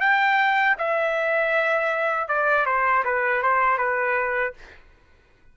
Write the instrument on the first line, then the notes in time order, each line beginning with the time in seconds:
trumpet
0.00 G5
0.78 E5
2.28 D5
2.65 C5
3.04 B4
3.42 C5
3.77 B4